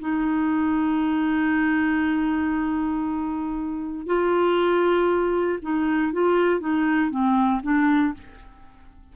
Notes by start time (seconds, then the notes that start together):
0.00 D#4
4.07 F4
5.62 D#4
6.13 F4
6.60 D#4
7.11 C4
7.63 D4